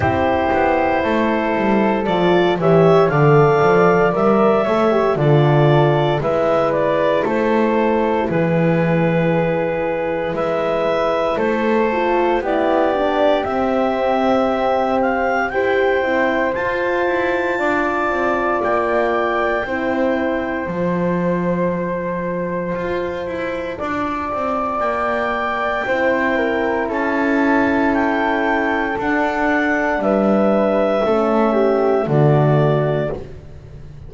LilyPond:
<<
  \new Staff \with { instrumentName = "clarinet" } { \time 4/4 \tempo 4 = 58 c''2 d''8 e''8 f''4 | e''4 d''4 e''8 d''8 c''4 | b'2 e''4 c''4 | d''4 e''4. f''8 g''4 |
a''2 g''2 | a''1 | g''2 a''4 g''4 | fis''4 e''2 d''4 | }
  \new Staff \with { instrumentName = "flute" } { \time 4/4 g'4 a'4. cis''8 d''4~ | d''8 cis''8 a'4 b'4 a'4 | gis'2 b'4 a'4 | g'2. c''4~ |
c''4 d''2 c''4~ | c''2. d''4~ | d''4 c''8 ais'8 a'2~ | a'4 b'4 a'8 g'8 fis'4 | }
  \new Staff \with { instrumentName = "horn" } { \time 4/4 e'2 f'8 g'8 a'4 | ais'8 a'16 g'16 f'4 e'2~ | e'2.~ e'8 f'8 | e'8 d'8 c'2 g'8 e'8 |
f'2. e'4 | f'1~ | f'4 e'2. | d'2 cis'4 a4 | }
  \new Staff \with { instrumentName = "double bass" } { \time 4/4 c'8 b8 a8 g8 f8 e8 d8 f8 | g8 a8 d4 gis4 a4 | e2 gis4 a4 | b4 c'2 e'8 c'8 |
f'8 e'8 d'8 c'8 ais4 c'4 | f2 f'8 e'8 d'8 c'8 | ais4 c'4 cis'2 | d'4 g4 a4 d4 | }
>>